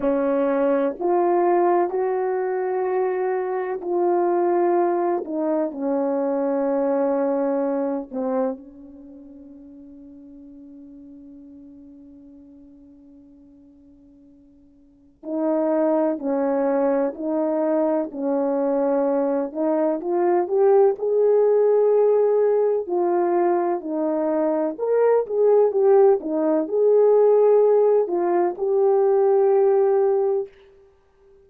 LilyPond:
\new Staff \with { instrumentName = "horn" } { \time 4/4 \tempo 4 = 63 cis'4 f'4 fis'2 | f'4. dis'8 cis'2~ | cis'8 c'8 cis'2.~ | cis'1 |
dis'4 cis'4 dis'4 cis'4~ | cis'8 dis'8 f'8 g'8 gis'2 | f'4 dis'4 ais'8 gis'8 g'8 dis'8 | gis'4. f'8 g'2 | }